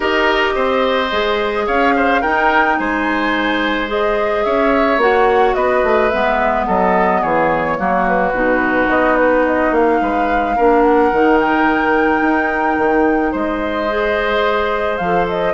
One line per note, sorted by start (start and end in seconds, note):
0.00 0.54 D#4
0.00 1.07 G4
0.00 0.55 A#4
0.00 1.67 D#5
0.55 1.11 C4
0.55 1.66 C5
1.11 1.67 G#3
1.11 2.22 G#4
1.66 2.23 C#4
1.66 1.94 C#5
1.66 2.22 F5
1.96 2.21 C5
2.21 3.86 D#4
2.21 2.79 D#4
2.21 2.77 A#4
2.21 2.77 G5
2.77 4.45 G#3
2.77 4.44 C5
2.77 3.88 G#5
3.86 4.98 G#4
3.86 4.44 D#5
4.44 4.97 C#4
4.44 5.55 C#5
4.44 4.99 E5
4.97 5.52 A#3
4.97 6.11 F#4
4.97 5.54 F#5
5.54 5.82 B3
5.54 6.67 B4
5.54 6.09 D#5
5.83 6.11 A3
6.09 6.68 G#3
6.09 7.77 B3
6.09 6.64 E5
6.67 7.23 F#3
6.67 7.21 A4
6.67 7.22 D#5
7.21 7.79 E3
7.21 7.77 G#4
7.21 8.06 C#5
7.77 8.33 F#3
7.77 8.32 A#3
7.77 10.01 F#4
8.08 8.89 B4
8.33 8.88 B2
8.33 10.56 D#4
8.88 9.71 B3
8.88 9.16 D#5
9.16 9.44 B4
9.46 9.73 D#5
9.71 9.99 A#3
9.71 10.82 F5
10.01 10.56 G#3
10.01 10.56 B4
10.56 11.12 A#3
10.56 11.13 D4
10.56 13.31 A#4
10.82 11.37 F#5
11.12 12.21 D#3
11.12 13.89 D#4
11.40 13.35 G5
12.21 12.76 D#4
12.77 13.33 D#3
13.31 14.99 G#3
13.31 15.53 C5
13.31 14.97 D#5
13.89 15.00 G#4
14.97 15.53 F3
14.97 15.25 F5
15.04 15.53 A4
15.28 15.53 D#5